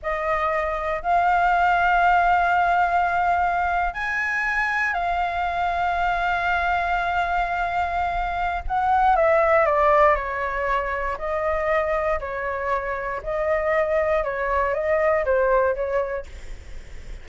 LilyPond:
\new Staff \with { instrumentName = "flute" } { \time 4/4 \tempo 4 = 118 dis''2 f''2~ | f''2.~ f''8. gis''16~ | gis''4.~ gis''16 f''2~ f''16~ | f''1~ |
f''4 fis''4 e''4 d''4 | cis''2 dis''2 | cis''2 dis''2 | cis''4 dis''4 c''4 cis''4 | }